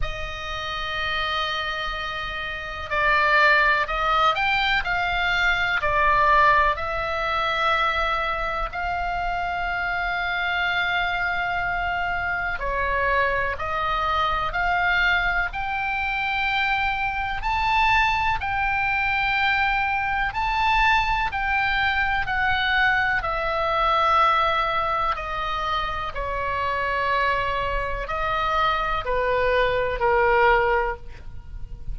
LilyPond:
\new Staff \with { instrumentName = "oboe" } { \time 4/4 \tempo 4 = 62 dis''2. d''4 | dis''8 g''8 f''4 d''4 e''4~ | e''4 f''2.~ | f''4 cis''4 dis''4 f''4 |
g''2 a''4 g''4~ | g''4 a''4 g''4 fis''4 | e''2 dis''4 cis''4~ | cis''4 dis''4 b'4 ais'4 | }